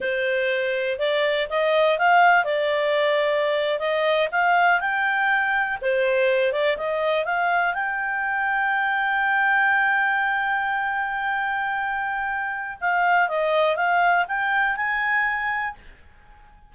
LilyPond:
\new Staff \with { instrumentName = "clarinet" } { \time 4/4 \tempo 4 = 122 c''2 d''4 dis''4 | f''4 d''2~ d''8. dis''16~ | dis''8. f''4 g''2 c''16~ | c''4~ c''16 d''8 dis''4 f''4 g''16~ |
g''1~ | g''1~ | g''2 f''4 dis''4 | f''4 g''4 gis''2 | }